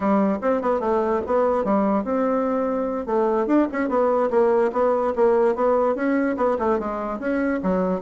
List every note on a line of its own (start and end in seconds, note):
0.00 0.38 G3
0.41 0.61 C4
0.61 0.80 B3
0.80 1.21 A3
1.26 1.64 B3
1.64 2.04 G3
2.04 3.06 C4
3.06 3.46 A3
3.46 3.67 D4
3.72 3.88 C#4
3.88 4.29 B3
4.30 4.71 A#3
4.72 5.13 B3
5.15 5.55 A#3
5.55 5.95 B3
5.95 6.36 C#4
6.37 6.57 B3
6.59 6.79 A3
6.79 7.19 G#3
7.19 7.60 C#4
7.62 8.01 F#3